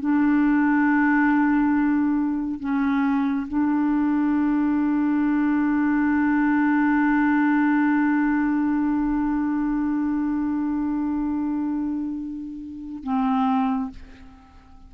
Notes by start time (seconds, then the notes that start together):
0.00 D4
2.60 C#4
3.47 D4
13.03 C4